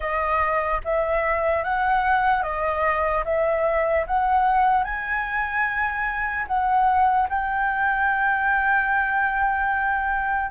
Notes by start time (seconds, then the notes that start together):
0.00 D#5
0.84 E5
1.63 F#5
2.43 D#5
3.24 E5
4.06 F#5
4.84 G#5
6.47 F#5
7.29 G5